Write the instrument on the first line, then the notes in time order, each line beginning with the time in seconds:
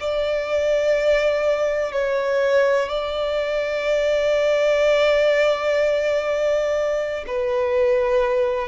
violin
0.00 D5
1.92 C#5
2.89 D5
7.27 B4